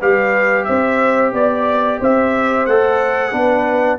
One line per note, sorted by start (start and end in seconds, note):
0.00 0.68 G3
0.00 2.69 G4
0.00 0.67 B4
0.00 0.65 F5
0.65 1.33 C4
0.65 1.34 C5
0.65 1.32 E5
1.33 2.00 B3
1.33 2.01 D5
1.33 2.02 D5
2.01 2.68 C4
2.01 3.33 C5
2.01 2.67 E5
2.67 3.33 A3
2.67 3.32 A4
2.67 4.00 F#5
3.32 3.99 B3
3.32 3.99 D4
3.32 4.00 B4